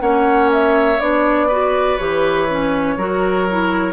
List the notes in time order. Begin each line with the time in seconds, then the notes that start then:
0.00 A#3 C#4 C#5 F#5
0.52 E5
1.00 B3 D4 D5
1.47 F#4 B4
1.98 E3 G4 C#5
2.50 C#4
2.97 F#3 F#4 A#4
3.51 E4